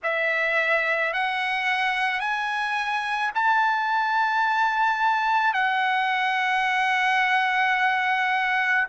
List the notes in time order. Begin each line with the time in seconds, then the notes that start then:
0.03 E5
1.13 F#5
2.20 G#5
3.34 A5
5.53 F#5